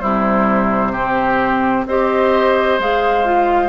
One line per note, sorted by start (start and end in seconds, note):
0.00 1.86 C3
0.00 0.92 G3
0.00 0.92 E4
0.00 1.85 C5
0.92 1.88 C4
0.92 1.84 G4
1.86 2.78 C4
1.86 2.80 G4
1.86 3.68 C5
1.86 2.80 D#5
2.79 3.68 G#3
2.79 3.25 G#4
2.79 3.68 F5
3.25 3.68 F4